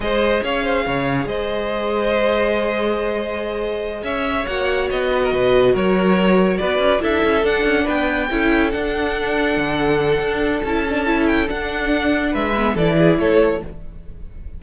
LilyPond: <<
  \new Staff \with { instrumentName = "violin" } { \time 4/4 \tempo 4 = 141 dis''4 f''2 dis''4~ | dis''1~ | dis''4. e''4 fis''4 dis''8~ | dis''4. cis''2 d''8~ |
d''8 e''4 fis''4 g''4.~ | g''8 fis''2.~ fis''8~ | fis''4 a''4. g''8 fis''4~ | fis''4 e''4 d''4 cis''4 | }
  \new Staff \with { instrumentName = "violin" } { \time 4/4 c''4 cis''8 c''8 cis''4 c''4~ | c''1~ | c''4. cis''2~ cis''8 | b'16 ais'16 b'4 ais'2 b'8~ |
b'8 a'2 b'4 a'8~ | a'1~ | a'1~ | a'4 b'4 a'8 gis'8 a'4 | }
  \new Staff \with { instrumentName = "viola" } { \time 4/4 gis'1~ | gis'1~ | gis'2~ gis'8 fis'4.~ | fis'1~ |
fis'8 e'4 d'2 e'8~ | e'8 d'2.~ d'8~ | d'4 e'8 d'8 e'4 d'4~ | d'4. b8 e'2 | }
  \new Staff \with { instrumentName = "cello" } { \time 4/4 gis4 cis'4 cis4 gis4~ | gis1~ | gis4. cis'4 ais4 b8~ | b8 b,4 fis2 b8 |
cis'8 d'8 cis'8 d'8 cis'8 b4 cis'8~ | cis'8 d'2 d4. | d'4 cis'2 d'4~ | d'4 gis4 e4 a4 | }
>>